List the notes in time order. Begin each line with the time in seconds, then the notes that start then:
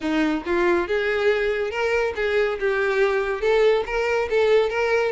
0.00 D#4
0.45 F4
0.87 G#4
1.70 A#4
2.15 G#4
2.59 G4
3.41 A4
3.86 A#4
4.30 A4
4.69 A#4